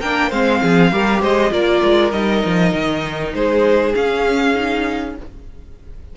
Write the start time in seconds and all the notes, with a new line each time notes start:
0.00 A#3 D4 A#4 G5
0.30 G#3 C4 C5 F5
0.62 F3 G#4
0.92 G3 G4 A#4
1.22 G#3 C5 D#5
1.51 A#3 F4 A#4 D5
1.83 G#3
2.11 G3 D#4 D#5
2.46 F3
2.74 D#3
3.34 G#3 G#4 C5
3.94 C#4 F5
4.55 D#4